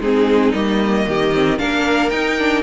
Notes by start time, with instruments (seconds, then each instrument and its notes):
0.00 cello G#3, viola C4, violin D#4 G#4
0.53 cello G3, viola A#3, violin D#5
1.07 cello D#3, violin G4
1.34 viola C4
1.59 cello A#3, viola D4, violin A#4 F5
2.10 cello D#4, viola D#4, violin G5
2.38 viola D4